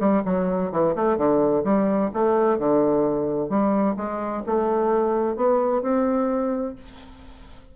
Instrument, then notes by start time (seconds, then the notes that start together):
bassoon
0.00 G3
0.25 F#3
0.72 E3
0.95 A3
1.18 D3
1.64 G3
2.14 A3
2.59 D3
3.49 G3
3.97 G#3
4.47 A3
5.36 B3
5.82 C4